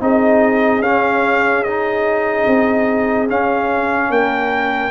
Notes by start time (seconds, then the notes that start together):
0.00 C4 D#4 G#4 D#5
0.80 C#4 F5
1.63 D#4 D#5
2.46 C4
3.28 C#4 F5
4.10 A#3 A#4 G5